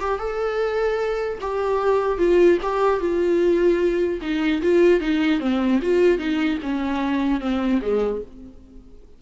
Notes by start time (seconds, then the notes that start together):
0.00 G4
0.19 A4
1.40 G4
2.18 F4
2.62 G4
3.00 F4
4.21 D#4
4.62 F4
5.00 D#4
5.40 C4
5.82 F4
6.18 D#4
6.62 C#4
7.40 C4
7.81 G#3